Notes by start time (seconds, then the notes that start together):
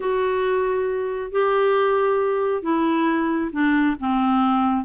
0.00 F#4
1.31 G4
2.62 E4
3.52 D4
3.99 C4